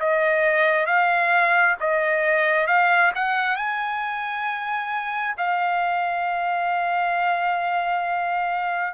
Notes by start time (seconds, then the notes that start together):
0.00 D#5
0.86 F5
1.80 D#5
2.67 F5
3.15 F#5
3.56 G#5
5.37 F5